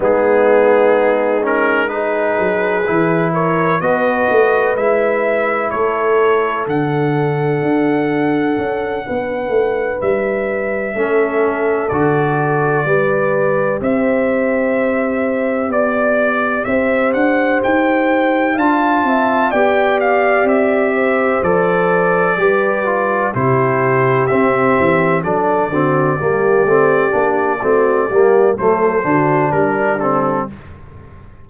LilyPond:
<<
  \new Staff \with { instrumentName = "trumpet" } { \time 4/4 \tempo 4 = 63 gis'4. ais'8 b'4. cis''8 | dis''4 e''4 cis''4 fis''4~ | fis''2~ fis''8 e''4.~ | e''8 d''2 e''4.~ |
e''8 d''4 e''8 fis''8 g''4 a''8~ | a''8 g''8 f''8 e''4 d''4.~ | d''8 c''4 e''4 d''4.~ | d''2 c''4 ais'8 a'8 | }
  \new Staff \with { instrumentName = "horn" } { \time 4/4 dis'2 gis'4. ais'8 | b'2 a'2~ | a'4. b'2 a'8~ | a'4. b'4 c''4.~ |
c''8 d''4 c''2 f''8 | e''8 d''4. c''4. b'8~ | b'8 g'2 a'8 fis'8 g'8~ | g'4 fis'8 g'8 a'8 fis'8 d'4 | }
  \new Staff \with { instrumentName = "trombone" } { \time 4/4 b4. cis'8 dis'4 e'4 | fis'4 e'2 d'4~ | d'2.~ d'8 cis'8~ | cis'8 fis'4 g'2~ g'8~ |
g'2.~ g'8 f'8~ | f'8 g'2 a'4 g'8 | f'8 e'4 c'4 d'8 c'8 ais8 | c'8 d'8 c'8 ais8 a8 d'4 c'8 | }
  \new Staff \with { instrumentName = "tuba" } { \time 4/4 gis2~ gis8 fis8 e4 | b8 a8 gis4 a4 d4 | d'4 cis'8 b8 a8 g4 a8~ | a8 d4 g4 c'4.~ |
c'8 b4 c'8 d'8 dis'4 d'8 | c'8 b4 c'4 f4 g8~ | g8 c4 c'8 e8 fis8 d8 g8 | a8 ais8 a8 g8 fis8 d8 g4 | }
>>